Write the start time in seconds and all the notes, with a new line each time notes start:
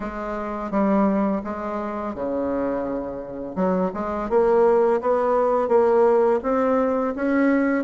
0.00 G#3
0.70 G3
1.44 G#3
2.14 C#3
3.55 F#3
3.94 G#3
4.29 A#3
5.01 B3
5.68 A#3
6.43 C4
7.15 C#4